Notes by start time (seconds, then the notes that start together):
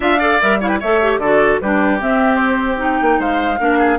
0.00 D4 F4 E5 F5
0.18 A4 D5
0.41 G3 A#4 E5
0.60 E4 C#5 F5
0.67 B4 G5
0.80 A3 A4 C#5 E5
1.02 G4
1.18 D3 F#4 A4 D5
1.60 G3 D4 G4 B4
1.99 C4 E5
2.35 C5
2.77 D#4 G5
3.01 A#3
3.18 G#3 C5 F5
3.59 A#3 D4 A#4
3.78 G#4